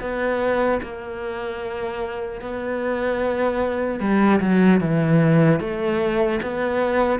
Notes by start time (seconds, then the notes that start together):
0.00 B3
0.82 A#3
2.41 B3
4.00 G3
4.40 F#3
4.80 E3
5.60 A3
6.42 B3